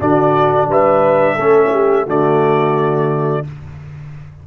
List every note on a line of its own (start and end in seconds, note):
0.00 0.67 D3
0.00 1.38 D4
0.00 0.69 F#4
0.00 0.69 D5
0.67 1.36 G3
0.67 1.36 B4
0.67 2.09 E5
1.36 2.07 A3
1.36 2.07 C#4
1.36 1.70 A4
1.73 2.07 G4
2.07 3.45 D3
2.07 3.45 A3
2.07 3.45 F#4
2.07 3.47 D5